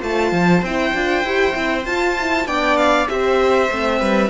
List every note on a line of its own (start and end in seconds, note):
0.00 0.32 A3
0.00 0.62 F4
0.00 2.45 C5
0.00 0.64 A5
0.32 0.62 F3
0.62 0.93 C4
0.62 0.94 E4
0.62 1.86 G5
0.94 1.24 D4
0.94 1.25 F4
1.24 1.54 E4
1.24 1.52 G4
1.52 1.86 C4
1.52 1.83 E4
1.86 2.46 F4
1.86 2.17 F4
1.86 2.47 A5
2.20 2.46 E4
2.46 3.07 B3
2.46 3.08 D4
2.46 3.09 D5
2.46 2.77 G5
2.77 3.08 F5
3.08 3.70 C4
3.08 3.69 G4
3.08 4.00 C5
3.08 4.30 E5
3.71 4.01 A3
3.71 4.30 C4
4.00 4.30 G3
4.00 4.30 B4